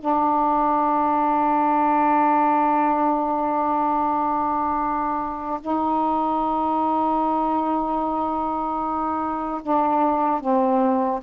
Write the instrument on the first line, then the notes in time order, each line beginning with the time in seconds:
saxophone
0.00 D4
5.61 D#4
9.63 D4
10.40 C4